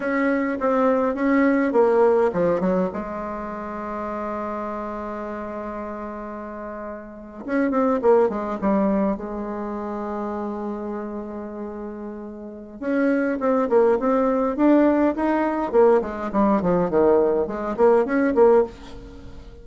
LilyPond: \new Staff \with { instrumentName = "bassoon" } { \time 4/4 \tempo 4 = 103 cis'4 c'4 cis'4 ais4 | f8 fis8 gis2.~ | gis1~ | gis8. cis'8 c'8 ais8 gis8 g4 gis16~ |
gis1~ | gis2 cis'4 c'8 ais8 | c'4 d'4 dis'4 ais8 gis8 | g8 f8 dis4 gis8 ais8 cis'8 ais8 | }